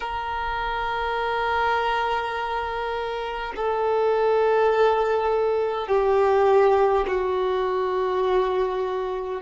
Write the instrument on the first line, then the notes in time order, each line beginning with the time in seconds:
violin
0.00 A#4
3.56 A4
5.87 G4
7.07 F#4